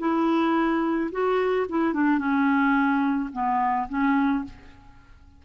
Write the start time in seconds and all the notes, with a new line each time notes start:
0.00 E4
1.12 F#4
1.69 E4
1.94 D4
2.19 C#4
3.33 B3
3.89 C#4